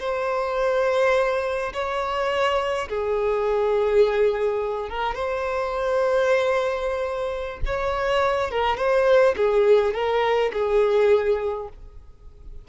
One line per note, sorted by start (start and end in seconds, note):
0.00 1.73 C5
1.74 2.89 C#5
2.89 4.90 G#4
4.90 5.15 A#4
5.15 7.60 C5
7.66 8.51 C#5
8.51 8.78 A#4
8.78 9.35 C5
9.37 9.94 G#4
9.94 10.52 A#4
10.53 11.69 G#4